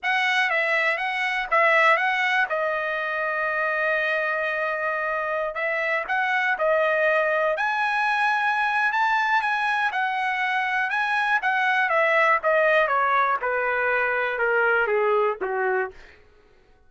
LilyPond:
\new Staff \with { instrumentName = "trumpet" } { \time 4/4 \tempo 4 = 121 fis''4 e''4 fis''4 e''4 | fis''4 dis''2.~ | dis''2.~ dis''16 e''8.~ | e''16 fis''4 dis''2 gis''8.~ |
gis''2 a''4 gis''4 | fis''2 gis''4 fis''4 | e''4 dis''4 cis''4 b'4~ | b'4 ais'4 gis'4 fis'4 | }